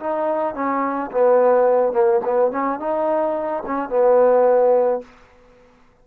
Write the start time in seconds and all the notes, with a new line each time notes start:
0.00 D#4
0.55 C#4
1.11 B3
1.93 A#3
2.25 B3
2.52 C#4
2.79 D#4
3.66 C#4
3.89 B3